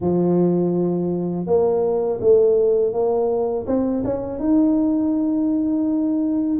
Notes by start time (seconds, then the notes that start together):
0.00 F3
1.46 A#3
2.20 A3
2.93 A#3
3.66 C4
4.04 C#4
4.39 D#4